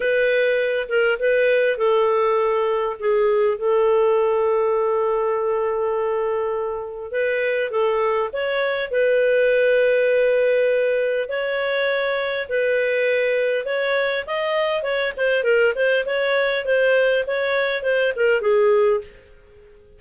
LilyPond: \new Staff \with { instrumentName = "clarinet" } { \time 4/4 \tempo 4 = 101 b'4. ais'8 b'4 a'4~ | a'4 gis'4 a'2~ | a'1 | b'4 a'4 cis''4 b'4~ |
b'2. cis''4~ | cis''4 b'2 cis''4 | dis''4 cis''8 c''8 ais'8 c''8 cis''4 | c''4 cis''4 c''8 ais'8 gis'4 | }